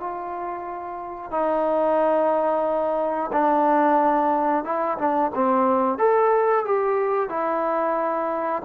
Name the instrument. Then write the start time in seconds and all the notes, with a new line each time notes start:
trombone
0.00 F4
1.31 D#4
3.33 D4
4.65 E4
4.98 D4
5.35 C4
5.99 A4
6.65 G4
7.30 E4